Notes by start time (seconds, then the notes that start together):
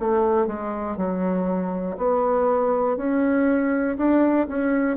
0.00 A3
0.47 G#3
0.97 F#3
1.98 B3
2.97 C#4
3.98 D4
4.48 C#4